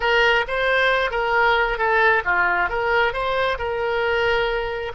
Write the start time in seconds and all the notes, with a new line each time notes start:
0.00 A#4
0.47 C5
1.10 A#4
1.78 A4
2.24 F4
2.69 A#4
3.13 C5
3.58 A#4